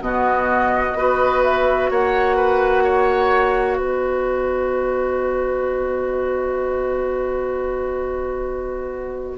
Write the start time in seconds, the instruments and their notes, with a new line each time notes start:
0.00 bassoon B2, clarinet B3, oboe F#4, flute D#5
0.94 bassoon B3, clarinet F#4, oboe B4
1.43 flute E5
1.90 bassoon A#3, oboe C#5, flute F#5
2.36 oboe B4
2.84 oboe C#5
3.77 bassoon B3, oboe B4, flute D#5